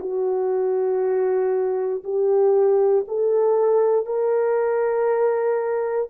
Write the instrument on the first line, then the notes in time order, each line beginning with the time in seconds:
horn
0.00 F#4
2.03 G4
3.07 A4
4.06 A#4